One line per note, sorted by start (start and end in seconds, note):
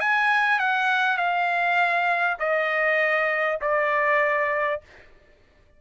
0.00 0.59 G#5
0.59 1.18 F#5
1.18 2.38 F5
2.39 3.59 D#5
3.61 4.81 D5